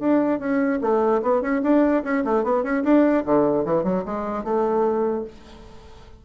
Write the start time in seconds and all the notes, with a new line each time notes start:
0.00 D4
0.40 C#4
0.82 A3
1.23 B3
1.42 C#4
1.63 D4
2.04 C#4
2.25 A3
2.44 B3
2.64 C#4
2.84 D4
3.26 D3
3.65 E3
3.84 F#3
4.06 G#3
4.45 A3